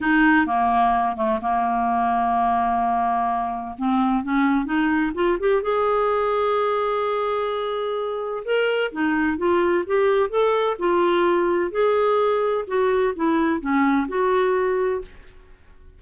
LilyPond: \new Staff \with { instrumentName = "clarinet" } { \time 4/4 \tempo 4 = 128 dis'4 ais4. a8 ais4~ | ais1 | c'4 cis'4 dis'4 f'8 g'8 | gis'1~ |
gis'2 ais'4 dis'4 | f'4 g'4 a'4 f'4~ | f'4 gis'2 fis'4 | e'4 cis'4 fis'2 | }